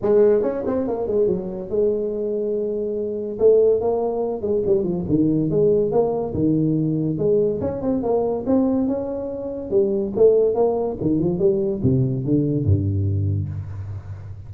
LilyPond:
\new Staff \with { instrumentName = "tuba" } { \time 4/4 \tempo 4 = 142 gis4 cis'8 c'8 ais8 gis8 fis4 | gis1 | a4 ais4. gis8 g8 f8 | dis4 gis4 ais4 dis4~ |
dis4 gis4 cis'8 c'8 ais4 | c'4 cis'2 g4 | a4 ais4 dis8 f8 g4 | c4 d4 g,2 | }